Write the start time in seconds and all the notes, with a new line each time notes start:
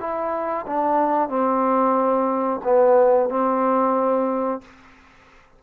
0.00 E4
0.67 D4
1.29 C4
2.64 B3
3.30 C4